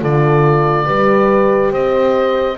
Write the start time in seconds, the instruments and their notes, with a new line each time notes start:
0.00 double bass D3, horn F4 A4, oboe D5
0.86 double bass G3, horn G4 B4
1.71 double bass C4, horn C5, oboe D#5